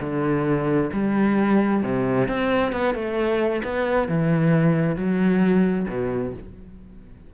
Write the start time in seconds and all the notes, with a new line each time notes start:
0.00 D3
0.92 G3
1.83 C3
2.28 C4
2.72 B3
2.94 A3
3.63 B3
4.08 E3
4.96 F#3
5.88 B2